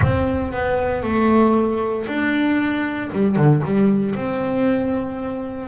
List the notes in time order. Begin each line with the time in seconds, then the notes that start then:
0.02 C4
0.52 B3
1.03 A3
2.07 D4
3.12 G3
3.36 D3
3.64 G3
4.15 C4